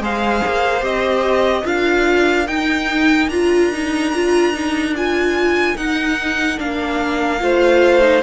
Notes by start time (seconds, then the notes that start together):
0.00 G#3 G#4 C5 F5
0.47 A#3
0.81 C4 G4 D#5
1.63 D4 F4 A#4 F5
2.47 D#4 G5
3.28 D4 F4 A#5
3.72 D#4
4.14 F4
4.53 D#4
4.96 F4 G#5
5.76 D#4 F#5
6.57 A#3 D4 F5
7.39 A3 F4 C5
8.01 D#4